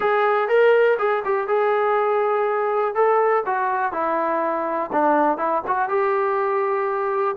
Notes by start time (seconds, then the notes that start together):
0.00 G#4
0.48 A#4
0.98 G#4
1.24 G4
1.47 G#4
2.94 A4
3.46 F#4
3.92 E4
4.92 D4
5.37 E4
5.67 F#4
5.88 G4